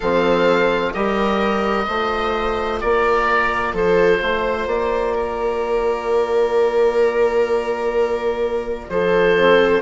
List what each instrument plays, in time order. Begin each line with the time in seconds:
0.00 bassoon F3, trombone C4, viola A4, oboe F5
0.93 bassoon G3, trombone G4, viola A#4, oboe D#5
1.86 bassoon A3, trombone F4, viola C5
2.80 bassoon A#3, viola A#4, oboe D5
3.73 bassoon F3, viola A4, oboe C5
4.21 bassoon A3, viola C5
4.66 bassoon A#3, oboe D5
5.14 viola A#4
8.89 bassoon F3, viola A4, oboe C5
9.37 trombone C4